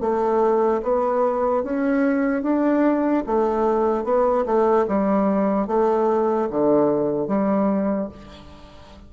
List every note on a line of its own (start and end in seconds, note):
0.00 0.81 A3
0.82 1.63 B3
1.63 2.42 C#4
2.42 3.23 D4
3.26 4.04 A3
4.04 4.44 B3
4.45 4.86 A3
4.88 5.67 G3
5.67 6.48 A3
6.50 7.28 D3
7.28 8.09 G3